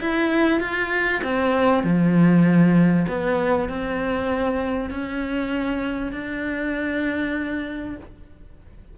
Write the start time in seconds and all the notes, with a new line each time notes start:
0.00 E4
0.60 F4
1.23 C4
1.83 F3
3.08 B3
3.69 C4
4.90 C#4
6.12 D4